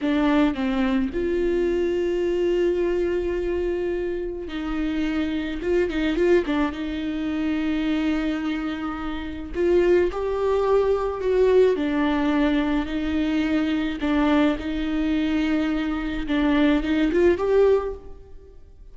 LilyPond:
\new Staff \with { instrumentName = "viola" } { \time 4/4 \tempo 4 = 107 d'4 c'4 f'2~ | f'1 | dis'2 f'8 dis'8 f'8 d'8 | dis'1~ |
dis'4 f'4 g'2 | fis'4 d'2 dis'4~ | dis'4 d'4 dis'2~ | dis'4 d'4 dis'8 f'8 g'4 | }